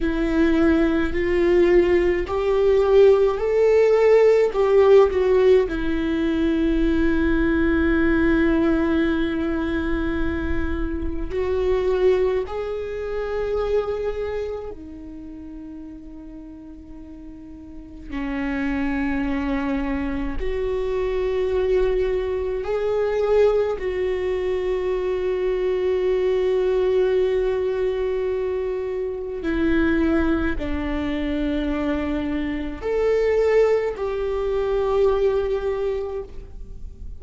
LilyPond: \new Staff \with { instrumentName = "viola" } { \time 4/4 \tempo 4 = 53 e'4 f'4 g'4 a'4 | g'8 fis'8 e'2.~ | e'2 fis'4 gis'4~ | gis'4 dis'2. |
cis'2 fis'2 | gis'4 fis'2.~ | fis'2 e'4 d'4~ | d'4 a'4 g'2 | }